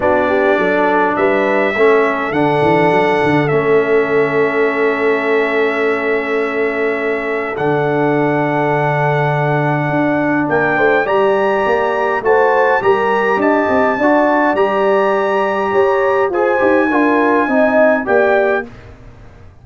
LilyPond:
<<
  \new Staff \with { instrumentName = "trumpet" } { \time 4/4 \tempo 4 = 103 d''2 e''2 | fis''2 e''2~ | e''1~ | e''4 fis''2.~ |
fis''2 g''4 ais''4~ | ais''4 a''4 ais''4 a''4~ | a''4 ais''2. | gis''2. g''4 | }
  \new Staff \with { instrumentName = "horn" } { \time 4/4 fis'8 g'8 a'4 b'4 a'4~ | a'1~ | a'1~ | a'1~ |
a'2 ais'8 c''8 d''4~ | d''4 c''4 ais'4 dis''4 | d''2. cis''4 | c''4 ais'4 dis''4 d''4 | }
  \new Staff \with { instrumentName = "trombone" } { \time 4/4 d'2. cis'4 | d'2 cis'2~ | cis'1~ | cis'4 d'2.~ |
d'2. g'4~ | g'4 fis'4 g'2 | fis'4 g'2. | gis'8 g'8 f'4 dis'4 g'4 | }
  \new Staff \with { instrumentName = "tuba" } { \time 4/4 b4 fis4 g4 a4 | d8 e8 fis8 d8 a2~ | a1~ | a4 d2.~ |
d4 d'4 ais8 a8 g4 | ais4 a4 g4 d'8 c'8 | d'4 g2 g'4 | f'8 dis'8 d'4 c'4 ais4 | }
>>